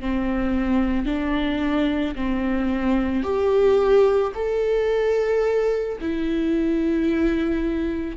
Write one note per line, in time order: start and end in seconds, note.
0.00 1.06 C4
1.06 2.15 D4
2.15 3.23 C4
3.23 4.32 G4
4.35 5.99 A4
6.01 8.17 E4